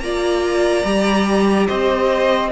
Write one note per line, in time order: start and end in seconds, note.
0.00 0.83 A#3
0.00 0.84 F4
0.00 1.67 D5
0.00 1.67 A#5
0.84 1.68 G3
0.84 2.51 G4
1.67 2.52 C4
1.67 2.51 C5
1.67 2.51 D#5